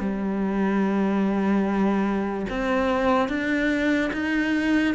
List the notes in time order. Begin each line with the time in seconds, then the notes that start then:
0.00 G3
2.50 C4
3.29 D4
4.14 D#4